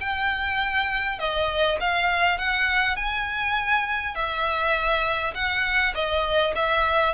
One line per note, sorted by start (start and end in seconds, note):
0.00 1.19 G5
1.19 1.78 D#5
1.80 2.38 F5
2.38 2.96 F#5
2.96 4.15 G#5
4.15 5.34 E5
5.34 5.94 F#5
5.94 6.54 D#5
6.55 7.14 E5